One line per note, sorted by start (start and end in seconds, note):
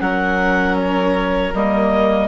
0.00 1.52 F#3
0.00 1.52 C#4
0.00 2.28 A#4
0.00 0.76 F#5
0.77 1.53 C#5
1.53 2.28 G3
1.53 2.28 A#3
1.53 2.28 D#5